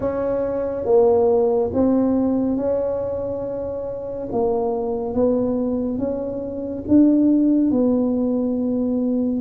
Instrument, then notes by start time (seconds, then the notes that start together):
tuba
0.00 C#4
0.85 A#3
1.73 C4
2.56 C#4
4.32 A#3
5.14 B3
5.98 C#4
6.88 D4
7.71 B3